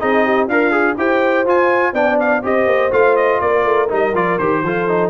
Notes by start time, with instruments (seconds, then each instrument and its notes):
0.00 tuba C4, trombone D#4, horn G#4, trumpet D#5
0.25 horn G4
0.47 tuba D4, horn F4, trombone A#4, trumpet F5
0.72 trombone G#4
0.97 tuba E4, trombone G4, horn C5, trumpet G5
1.46 tuba F4, trombone F4, trumpet G#5
1.94 tuba B3, trombone D4, horn D5, trumpet G5
2.20 trumpet F5
2.43 tuba C4, trombone G4, horn C5, trumpet D#5
2.66 tuba A#3
2.91 tuba A3, trombone F4, trumpet F5
3.17 trumpet D#5
3.41 tuba A#3, horn A#4, trumpet D5
3.65 tuba A3
3.89 tuba G3, trombone D#4, trumpet D#5
4.14 tuba F3, trombone F4, trumpet D5
4.39 tuba D#3, trombone G4, trumpet C5
4.63 tuba F3, trombone F4, horn A4
4.89 trombone D#4